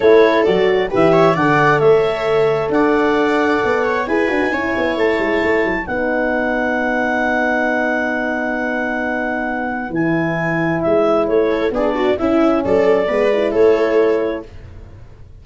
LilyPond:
<<
  \new Staff \with { instrumentName = "clarinet" } { \time 4/4 \tempo 4 = 133 cis''4 d''4 e''4 fis''4 | e''2 fis''2~ | fis''4 gis''2 a''4~ | a''4 fis''2.~ |
fis''1~ | fis''2 gis''2 | e''4 cis''4 d''4 e''4 | d''2 cis''2 | }
  \new Staff \with { instrumentName = "viola" } { \time 4/4 a'2 b'8 cis''8 d''4 | cis''2 d''2~ | d''8 cis''8 b'4 cis''2~ | cis''4 b'2.~ |
b'1~ | b'1~ | b'4. a'8 gis'8 fis'8 e'4 | a'4 b'4 a'2 | }
  \new Staff \with { instrumentName = "horn" } { \time 4/4 e'4 fis'4 g'4 a'4~ | a'1~ | a'4 gis'8 fis'8 e'2~ | e'4 dis'2.~ |
dis'1~ | dis'2 e'2~ | e'2 d'4 cis'4~ | cis'4 b8 e'2~ e'8 | }
  \new Staff \with { instrumentName = "tuba" } { \time 4/4 a4 fis4 e4 d4 | a2 d'2 | b4 e'8 d'16 dis'16 cis'8 b8 a8 gis8 | a8 fis8 b2.~ |
b1~ | b2 e2 | gis4 a4 b4 cis'4 | fis4 gis4 a2 | }
>>